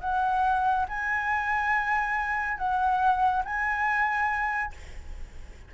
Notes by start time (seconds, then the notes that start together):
0.00 F#5
0.88 G#5
2.57 F#5
3.45 G#5